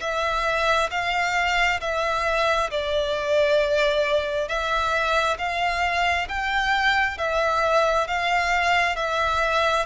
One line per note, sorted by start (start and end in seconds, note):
0.00 0.90 E5
0.90 1.80 F5
1.80 2.70 E5
2.70 4.48 D5
4.48 5.37 E5
5.38 6.28 F5
6.28 7.18 G5
7.18 8.07 E5
8.07 8.96 F5
8.96 9.85 E5